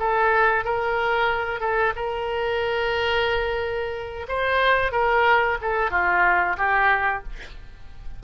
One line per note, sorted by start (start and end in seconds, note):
0.00 0.65 A4
0.65 1.61 A#4
1.61 1.94 A4
1.96 4.27 A#4
4.29 4.92 C5
4.92 5.58 A#4
5.62 5.91 A4
5.91 6.57 F4
6.58 7.24 G4